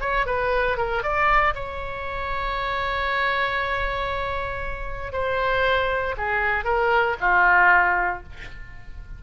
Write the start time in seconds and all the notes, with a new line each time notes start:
0.00 C#5
0.25 B4
0.77 A#4
1.02 D5
1.54 C#5
5.12 C5
6.17 G#4
6.64 A#4
7.20 F4